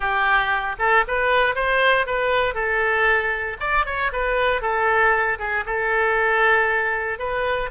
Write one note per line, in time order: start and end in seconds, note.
0.00 0.76 G4
0.79 1.04 A4
1.07 1.55 B4
1.55 2.06 C5
2.06 2.54 B4
2.54 3.57 A4
3.59 3.85 D5
3.85 4.11 C#5
4.12 4.61 B4
4.61 5.38 A4
5.38 5.64 G#4
5.65 7.18 A4
7.18 7.70 B4